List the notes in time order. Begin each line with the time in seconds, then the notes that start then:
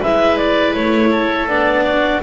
0.00 G#3 E4 B4 E5
0.37 D5
0.74 A3 C#5
1.11 A4
1.48 B3 D4 D5
1.86 F#4